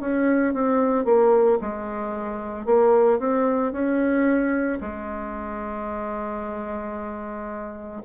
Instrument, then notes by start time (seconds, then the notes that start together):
bassoon
0.00 C#4
0.53 C4
1.05 A#3
1.61 G#3
2.65 A#3
3.19 C4
3.72 C#4
4.81 G#3